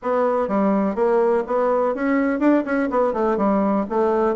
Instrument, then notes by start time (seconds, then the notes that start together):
bassoon
0.02 B3
0.48 G3
0.95 A#3
1.46 B3
1.94 C#4
2.39 D4
2.65 C#4
2.90 B3
3.13 A3
3.37 G3
3.89 A3